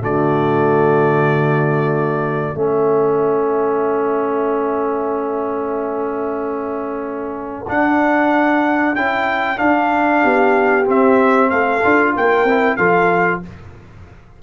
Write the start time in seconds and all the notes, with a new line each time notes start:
0.00 D3 A3 F#4 D5
2.55 A3 C#4 A4 E5
7.68 D4 F#5
8.95 C#4 E4 G5
9.56 D4 F5
10.22 B3 G4
10.85 C4 E5
11.50 A3 A4 F5
11.83 D4 F4
12.16 A#3 A#4 G5
12.44 C4 E4
12.77 F3 F4 A4 F5